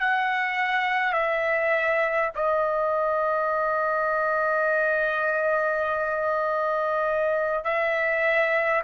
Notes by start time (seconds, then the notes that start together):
0.00 F#5
1.13 E5
2.35 D#5
7.64 E5